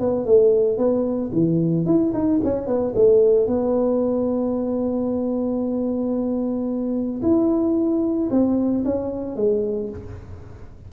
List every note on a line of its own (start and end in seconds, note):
0.00 0.26 B3
0.26 0.78 A3
0.78 1.31 B3
1.33 1.86 E3
1.86 2.13 E4
2.14 2.41 D#4
2.44 2.67 C#4
2.67 2.94 B3
2.96 3.47 A3
3.47 7.22 B3
7.22 8.29 E4
8.31 8.84 C4
8.85 9.36 C#4
9.36 9.90 G#3